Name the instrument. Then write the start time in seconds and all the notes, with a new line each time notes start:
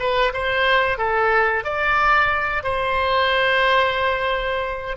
oboe
0.00 B4
0.34 C5
0.98 A4
1.65 D5
2.64 C5